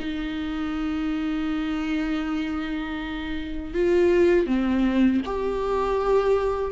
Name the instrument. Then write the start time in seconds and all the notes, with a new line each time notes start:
viola
0.00 D#4
3.74 F4
4.47 C4
5.25 G4